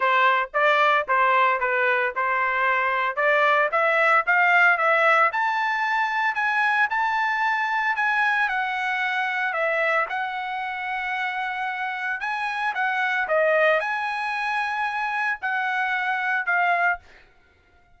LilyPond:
\new Staff \with { instrumentName = "trumpet" } { \time 4/4 \tempo 4 = 113 c''4 d''4 c''4 b'4 | c''2 d''4 e''4 | f''4 e''4 a''2 | gis''4 a''2 gis''4 |
fis''2 e''4 fis''4~ | fis''2. gis''4 | fis''4 dis''4 gis''2~ | gis''4 fis''2 f''4 | }